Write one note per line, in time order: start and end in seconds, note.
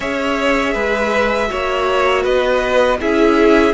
0.00 0.75 C#4
0.00 1.47 G#4
0.00 0.73 C#5
0.00 2.24 E5
0.73 1.50 G#3
0.73 1.48 B4
1.47 2.25 A#3
1.47 2.97 F#4
1.47 2.22 C#5
2.22 3.00 B3
2.22 2.97 B4
2.22 2.99 D#5
3.00 3.73 C#4
3.00 3.73 E4
3.00 3.73 G#4
3.00 3.73 E5